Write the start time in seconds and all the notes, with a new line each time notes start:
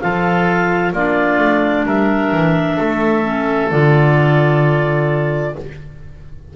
0.00 F3 F4 A4 F5
0.92 A#3 D4 F4 D5
1.38 A3
1.85 G3 A#4 E5
2.31 E3
2.77 A3 A4
3.24 C#4
3.71 D3 F4 D5